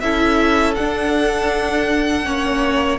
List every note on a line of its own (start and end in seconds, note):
0.00 0.76 C#4
0.00 0.76 E4
0.00 2.25 A4
0.00 0.74 E5
0.74 2.24 D4
0.74 2.25 D4
0.74 2.97 F#5
2.24 2.99 A#3
2.24 2.98 C#4
2.24 2.99 C#5